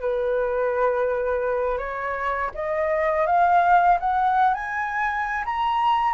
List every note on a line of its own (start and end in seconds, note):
0.00 1.78 B4
1.78 2.50 C#5
2.54 3.26 D#5
3.26 3.98 F5
4.00 4.53 F#5
4.53 5.44 G#5
5.45 6.13 A#5